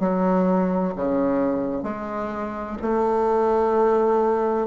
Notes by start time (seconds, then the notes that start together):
0.00 F#3
0.95 C#3
1.83 G#3
2.82 A3